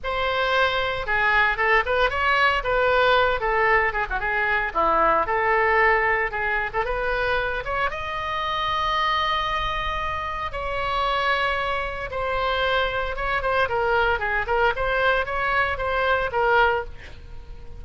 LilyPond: \new Staff \with { instrumentName = "oboe" } { \time 4/4 \tempo 4 = 114 c''2 gis'4 a'8 b'8 | cis''4 b'4. a'4 gis'16 fis'16 | gis'4 e'4 a'2 | gis'8. a'16 b'4. cis''8 dis''4~ |
dis''1 | cis''2. c''4~ | c''4 cis''8 c''8 ais'4 gis'8 ais'8 | c''4 cis''4 c''4 ais'4 | }